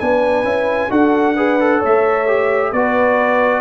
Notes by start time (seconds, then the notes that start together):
0.00 B3 D4 B4 G#5
0.43 C#4 E4
0.90 D4 F#4 A4 F#5
1.35 G#4 B4
1.60 A4
1.79 A3 C#5 E5
2.27 G4
2.72 B3 F#4 B4 D5